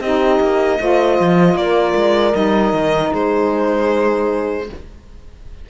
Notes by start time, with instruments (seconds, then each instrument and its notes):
0.00 cello C4, saxophone D#4, horn G4, violin D#5
0.40 cello A#3
0.78 cello A3, saxophone F4, horn C5
1.19 cello F3
1.54 cello A#3, horn A#4, violin D5
1.95 cello G#3
2.32 cello G3, saxophone D#4, violin D#5
2.73 cello D#3
3.12 cello G#3, horn G#4, violin C5